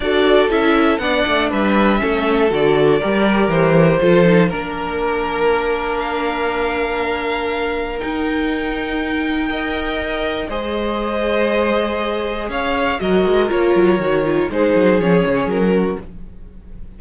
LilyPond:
<<
  \new Staff \with { instrumentName = "violin" } { \time 4/4 \tempo 4 = 120 d''4 e''4 fis''4 e''4~ | e''4 d''2 c''4~ | c''4 ais'2. | f''1 |
g''1~ | g''4 dis''2.~ | dis''4 f''4 dis''4 cis''4~ | cis''4 c''4 cis''4 ais'4 | }
  \new Staff \with { instrumentName = "violin" } { \time 4/4 a'2 d''4 b'4 | a'2 ais'2 | a'4 ais'2.~ | ais'1~ |
ais'2. dis''4~ | dis''4 c''2.~ | c''4 cis''4 ais'2~ | ais'4 gis'2~ gis'8 fis'8 | }
  \new Staff \with { instrumentName = "viola" } { \time 4/4 fis'4 e'4 d'2 | cis'4 fis'4 g'2 | f'8 dis'8 d'2.~ | d'1 |
dis'2. ais'4~ | ais'4 gis'2.~ | gis'2 fis'4 f'4 | fis'8 f'8 dis'4 cis'2 | }
  \new Staff \with { instrumentName = "cello" } { \time 4/4 d'4 cis'4 b8 a8 g4 | a4 d4 g4 e4 | f4 ais2.~ | ais1 |
dis'1~ | dis'4 gis2.~ | gis4 cis'4 fis8 gis8 ais8 fis8 | dis4 gis8 fis8 f8 cis8 fis4 | }
>>